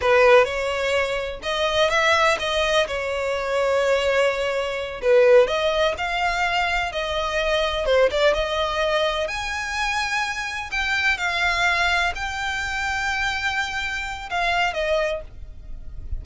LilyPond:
\new Staff \with { instrumentName = "violin" } { \time 4/4 \tempo 4 = 126 b'4 cis''2 dis''4 | e''4 dis''4 cis''2~ | cis''2~ cis''8 b'4 dis''8~ | dis''8 f''2 dis''4.~ |
dis''8 c''8 d''8 dis''2 gis''8~ | gis''2~ gis''8 g''4 f''8~ | f''4. g''2~ g''8~ | g''2 f''4 dis''4 | }